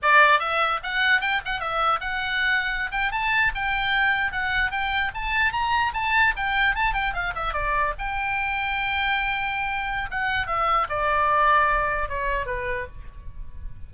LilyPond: \new Staff \with { instrumentName = "oboe" } { \time 4/4 \tempo 4 = 149 d''4 e''4 fis''4 g''8 fis''8 | e''4 fis''2~ fis''16 g''8 a''16~ | a''8. g''2 fis''4 g''16~ | g''8. a''4 ais''4 a''4 g''16~ |
g''8. a''8 g''8 f''8 e''8 d''4 g''16~ | g''1~ | g''4 fis''4 e''4 d''4~ | d''2 cis''4 b'4 | }